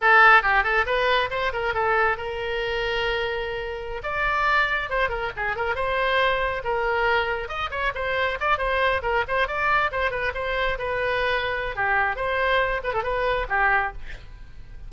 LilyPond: \new Staff \with { instrumentName = "oboe" } { \time 4/4 \tempo 4 = 138 a'4 g'8 a'8 b'4 c''8 ais'8 | a'4 ais'2.~ | ais'4~ ais'16 d''2 c''8 ais'16~ | ais'16 gis'8 ais'8 c''2 ais'8.~ |
ais'4~ ais'16 dis''8 cis''8 c''4 d''8 c''16~ | c''8. ais'8 c''8 d''4 c''8 b'8 c''16~ | c''8. b'2~ b'16 g'4 | c''4. b'16 a'16 b'4 g'4 | }